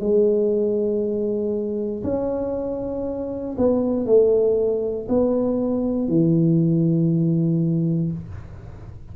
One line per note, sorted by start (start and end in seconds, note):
0.00 2.03 G#3
2.04 3.56 C#4
3.58 4.06 B3
4.06 5.08 A3
5.09 6.09 B3
6.09 8.12 E3